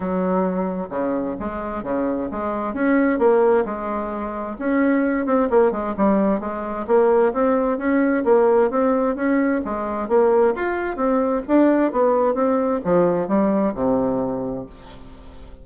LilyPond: \new Staff \with { instrumentName = "bassoon" } { \time 4/4 \tempo 4 = 131 fis2 cis4 gis4 | cis4 gis4 cis'4 ais4 | gis2 cis'4. c'8 | ais8 gis8 g4 gis4 ais4 |
c'4 cis'4 ais4 c'4 | cis'4 gis4 ais4 f'4 | c'4 d'4 b4 c'4 | f4 g4 c2 | }